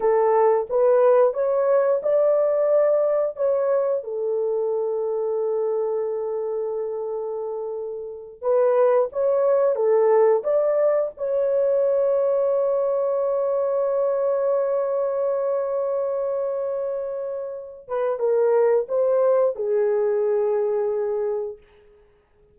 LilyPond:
\new Staff \with { instrumentName = "horn" } { \time 4/4 \tempo 4 = 89 a'4 b'4 cis''4 d''4~ | d''4 cis''4 a'2~ | a'1~ | a'8 b'4 cis''4 a'4 d''8~ |
d''8 cis''2.~ cis''8~ | cis''1~ | cis''2~ cis''8 b'8 ais'4 | c''4 gis'2. | }